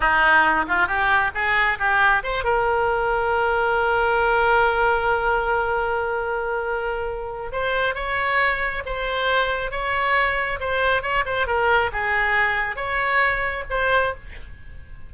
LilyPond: \new Staff \with { instrumentName = "oboe" } { \time 4/4 \tempo 4 = 136 dis'4. f'8 g'4 gis'4 | g'4 c''8 ais'2~ ais'8~ | ais'1~ | ais'1~ |
ais'4 c''4 cis''2 | c''2 cis''2 | c''4 cis''8 c''8 ais'4 gis'4~ | gis'4 cis''2 c''4 | }